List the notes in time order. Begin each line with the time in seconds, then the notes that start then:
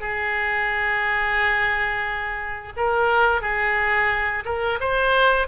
0.00 G#4
2.76 A#4
3.41 G#4
4.45 A#4
4.80 C5